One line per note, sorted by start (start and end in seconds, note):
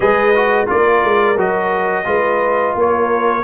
0.00 0.66 G#3
0.00 0.33 G#4
0.00 0.68 B4
0.00 0.67 D#5
0.35 0.66 F#4
0.66 1.04 A#3
0.66 1.35 F4
0.66 2.06 A#4
0.66 1.38 D5
1.04 1.36 G#3
1.36 2.05 F#3
1.36 2.04 F#4
1.36 2.77 D#5
2.04 2.74 G#3
2.04 3.42 F4
2.04 2.75 B4
2.75 3.43 A#3
2.75 3.43 A#4
2.75 3.43 C#5